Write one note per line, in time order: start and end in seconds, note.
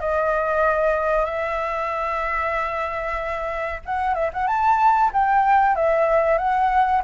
0.00 1.25 D#5
1.25 3.80 E5
3.85 4.14 F#5
4.14 4.30 E5
4.33 4.47 F#5
4.47 5.11 A5
5.13 5.75 G5
5.75 6.38 E5
6.38 7.02 F#5